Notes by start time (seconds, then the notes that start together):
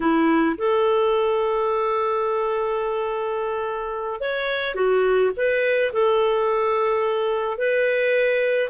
0.00 E4
0.57 A4
4.20 C#5
4.75 F#4
5.36 B4
5.92 A4
7.57 B4